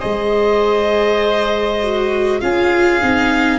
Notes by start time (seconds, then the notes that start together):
0.00 G#3 G#4 C5 D#5
1.83 F#4
2.41 C#4 F4 G#4 F5
3.01 C4 D#4